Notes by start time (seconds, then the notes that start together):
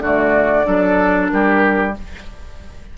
0.00 D3 A3 F#4 D5
0.64 F#3 D4 A4
1.29 G3 G4 A#4